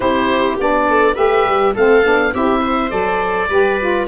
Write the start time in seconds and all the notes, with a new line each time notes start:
0.00 C4 E4 G4 C5
0.58 B3 D4 D5
0.89 A4
1.15 A3 G4 B4 E5
1.45 G3
1.74 A3 C4 A4 F5
2.03 B3 D4
2.33 C4 E4 G4 E5
2.60 C5
2.89 F#3 A4 D5
3.49 G3 G4 B4
3.80 F4